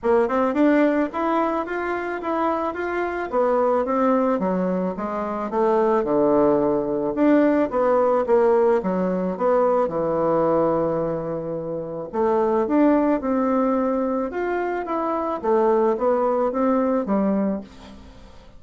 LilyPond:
\new Staff \with { instrumentName = "bassoon" } { \time 4/4 \tempo 4 = 109 ais8 c'8 d'4 e'4 f'4 | e'4 f'4 b4 c'4 | fis4 gis4 a4 d4~ | d4 d'4 b4 ais4 |
fis4 b4 e2~ | e2 a4 d'4 | c'2 f'4 e'4 | a4 b4 c'4 g4 | }